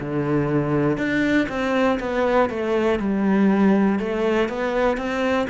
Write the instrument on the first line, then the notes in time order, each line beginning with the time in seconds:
cello
0.00 D3
0.98 D4
1.49 C4
2.00 B3
2.50 A3
3.00 G3
3.99 A3
4.49 B3
4.98 C4